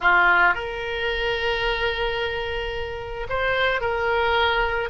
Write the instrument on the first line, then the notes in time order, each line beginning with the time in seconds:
oboe
0.00 F4
0.54 A#4
3.29 C5
3.80 A#4